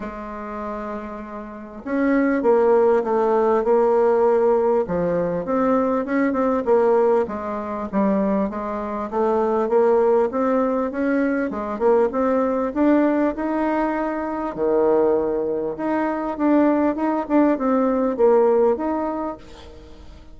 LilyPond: \new Staff \with { instrumentName = "bassoon" } { \time 4/4 \tempo 4 = 99 gis2. cis'4 | ais4 a4 ais2 | f4 c'4 cis'8 c'8 ais4 | gis4 g4 gis4 a4 |
ais4 c'4 cis'4 gis8 ais8 | c'4 d'4 dis'2 | dis2 dis'4 d'4 | dis'8 d'8 c'4 ais4 dis'4 | }